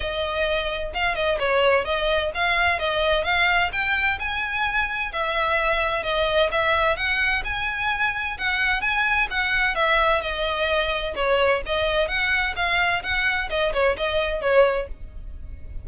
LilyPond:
\new Staff \with { instrumentName = "violin" } { \time 4/4 \tempo 4 = 129 dis''2 f''8 dis''8 cis''4 | dis''4 f''4 dis''4 f''4 | g''4 gis''2 e''4~ | e''4 dis''4 e''4 fis''4 |
gis''2 fis''4 gis''4 | fis''4 e''4 dis''2 | cis''4 dis''4 fis''4 f''4 | fis''4 dis''8 cis''8 dis''4 cis''4 | }